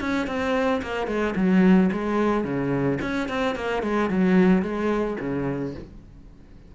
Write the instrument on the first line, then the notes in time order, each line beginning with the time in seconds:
cello
0.00 C#4
0.27 C4
0.82 A#3
1.07 G#3
1.36 F#3
1.92 G#3
2.44 C#3
3.01 C#4
3.29 C4
3.55 A#3
3.83 G#3
4.10 F#3
4.62 G#3
5.20 C#3